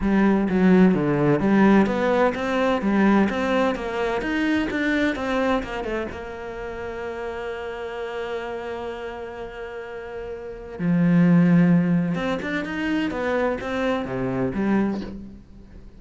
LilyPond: \new Staff \with { instrumentName = "cello" } { \time 4/4 \tempo 4 = 128 g4 fis4 d4 g4 | b4 c'4 g4 c'4 | ais4 dis'4 d'4 c'4 | ais8 a8 ais2.~ |
ais1~ | ais2. f4~ | f2 c'8 d'8 dis'4 | b4 c'4 c4 g4 | }